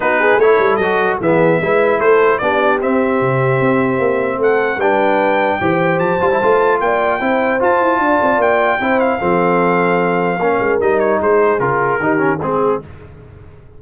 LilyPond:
<<
  \new Staff \with { instrumentName = "trumpet" } { \time 4/4 \tempo 4 = 150 b'4 cis''4 dis''4 e''4~ | e''4 c''4 d''4 e''4~ | e''2. fis''4 | g''2. a''4~ |
a''4 g''2 a''4~ | a''4 g''4. f''4.~ | f''2. dis''8 cis''8 | c''4 ais'2 gis'4 | }
  \new Staff \with { instrumentName = "horn" } { \time 4/4 fis'8 gis'8 a'2 gis'4 | b'4 a'4 g'2~ | g'2. a'4 | b'2 c''2~ |
c''4 d''4 c''2 | d''2 c''4 a'4~ | a'2 ais'2 | gis'2 g'4 gis'4 | }
  \new Staff \with { instrumentName = "trombone" } { \time 4/4 dis'4 e'4 fis'4 b4 | e'2 d'4 c'4~ | c'1 | d'2 g'4. f'16 e'16 |
f'2 e'4 f'4~ | f'2 e'4 c'4~ | c'2 cis'4 dis'4~ | dis'4 f'4 dis'8 cis'8 c'4 | }
  \new Staff \with { instrumentName = "tuba" } { \time 4/4 b4 a8 g8 fis4 e4 | gis4 a4 b4 c'4 | c4 c'4 ais4 a4 | g2 e4 f8 g8 |
a4 ais4 c'4 f'8 e'8 | d'8 c'8 ais4 c'4 f4~ | f2 ais8 gis8 g4 | gis4 cis4 dis4 gis4 | }
>>